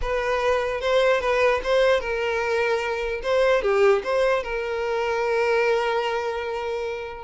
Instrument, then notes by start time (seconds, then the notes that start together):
violin
0.01 B4
0.81 C5
1.20 B4
1.63 C5
2.00 A#4
3.23 C5
3.62 G4
4.03 C5
4.43 A#4